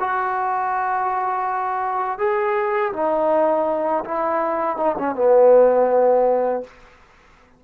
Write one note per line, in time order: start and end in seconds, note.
0.00 2.19 F#4
2.19 2.93 G#4
2.93 4.04 D#4
4.05 4.77 E4
4.77 4.96 D#4
4.99 5.15 C#4
5.15 6.64 B3